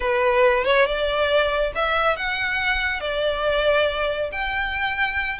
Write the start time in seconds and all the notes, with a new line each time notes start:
0.00 B4
0.64 C#5
0.86 D5
1.75 E5
2.16 F#5
3.00 D5
4.32 G5